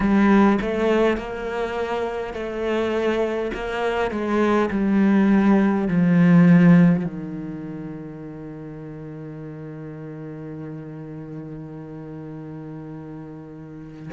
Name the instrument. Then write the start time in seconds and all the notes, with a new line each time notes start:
cello
0.00 G3
0.61 A3
1.17 A#3
2.33 A3
3.53 A#3
4.11 G#3
4.70 G3
5.88 F3
7.04 D#3